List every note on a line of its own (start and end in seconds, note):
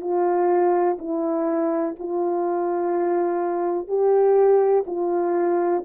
0.00 0.97 F4
0.99 1.95 E4
1.99 3.88 F4
3.88 4.84 G4
4.86 5.83 F4